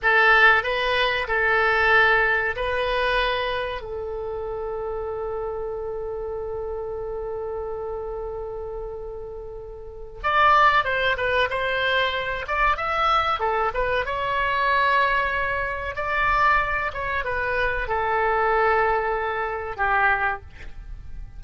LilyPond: \new Staff \with { instrumentName = "oboe" } { \time 4/4 \tempo 4 = 94 a'4 b'4 a'2 | b'2 a'2~ | a'1~ | a'1 |
d''4 c''8 b'8 c''4. d''8 | e''4 a'8 b'8 cis''2~ | cis''4 d''4. cis''8 b'4 | a'2. g'4 | }